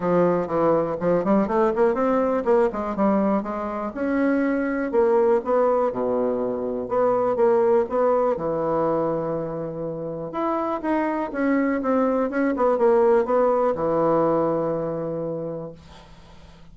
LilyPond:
\new Staff \with { instrumentName = "bassoon" } { \time 4/4 \tempo 4 = 122 f4 e4 f8 g8 a8 ais8 | c'4 ais8 gis8 g4 gis4 | cis'2 ais4 b4 | b,2 b4 ais4 |
b4 e2.~ | e4 e'4 dis'4 cis'4 | c'4 cis'8 b8 ais4 b4 | e1 | }